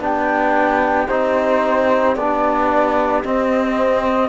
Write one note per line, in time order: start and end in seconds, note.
0.00 1.07 B3
0.00 1.08 D4
0.00 4.29 G4
0.00 1.08 G5
1.08 2.16 C4
1.08 2.17 D#4
1.08 2.15 C5
2.15 3.23 B3
2.15 3.24 D4
2.15 3.23 D5
3.24 4.29 C4
3.24 4.29 D#5